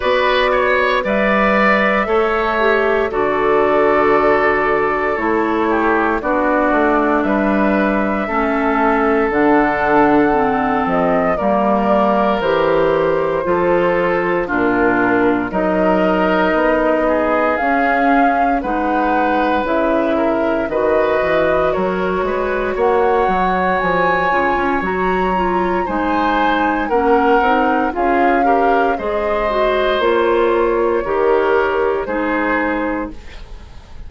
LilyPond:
<<
  \new Staff \with { instrumentName = "flute" } { \time 4/4 \tempo 4 = 58 d''4 e''2 d''4~ | d''4 cis''4 d''4 e''4~ | e''4 fis''4. dis''8 d''4 | c''2 ais'4 dis''4~ |
dis''4 f''4 fis''4 e''4 | dis''4 cis''4 fis''4 gis''4 | ais''4 gis''4 fis''4 f''4 | dis''4 cis''2 c''4 | }
  \new Staff \with { instrumentName = "oboe" } { \time 4/4 b'8 cis''8 d''4 cis''4 a'4~ | a'4. g'8 fis'4 b'4 | a'2. ais'4~ | ais'4 a'4 f'4 ais'4~ |
ais'8 gis'4. b'4. ais'8 | b'4 ais'8 b'8 cis''2~ | cis''4 c''4 ais'4 gis'8 ais'8 | c''2 ais'4 gis'4 | }
  \new Staff \with { instrumentName = "clarinet" } { \time 4/4 fis'4 b'4 a'8 g'8 fis'4~ | fis'4 e'4 d'2 | cis'4 d'4 c'4 ais4 | g'4 f'4 d'4 dis'4~ |
dis'4 cis'4 dis'4 e'4 | fis'2.~ fis'8 f'8 | fis'8 f'8 dis'4 cis'8 dis'8 f'8 g'8 | gis'8 fis'8 f'4 g'4 dis'4 | }
  \new Staff \with { instrumentName = "bassoon" } { \time 4/4 b4 g4 a4 d4~ | d4 a4 b8 a8 g4 | a4 d4. f8 g4 | e4 f4 ais,4 fis4 |
b4 cis'4 gis4 cis4 | dis8 e8 fis8 gis8 ais8 fis8 f8 cis16 cis'16 | fis4 gis4 ais8 c'8 cis'4 | gis4 ais4 dis4 gis4 | }
>>